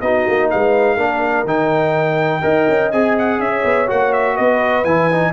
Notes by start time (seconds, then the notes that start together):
0.00 B3 D#4 F#4 D#5
0.27 A#3
0.50 G#3 B4 F5
0.96 A#3 D4 A#4
1.44 D#3 D#4 G5
2.41 D#4 A#4 D#5
2.68 C#4
2.91 C4 G#4 G#5
3.18 F#5
3.39 C#4 C#5 E5
3.64 B3
3.87 A#3 F#4 F#5
4.13 E5
4.34 B3 B4 D#5
4.84 E3 E4 G#5
5.11 D#4